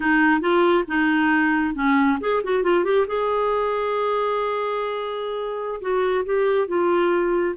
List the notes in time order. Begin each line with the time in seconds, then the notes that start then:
0.00 D#4
0.40 F4
0.87 D#4
1.74 C#4
2.20 G#4
2.43 F#4
2.63 F4
2.84 G4
3.07 G#4
5.81 F#4
6.25 G4
6.67 F4